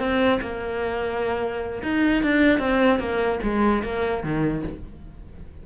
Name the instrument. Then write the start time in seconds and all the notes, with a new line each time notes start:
cello
0.00 C4
0.42 A#3
1.83 D#4
2.23 D4
2.59 C4
3.00 A#3
3.44 G#3
3.83 A#3
4.24 D#3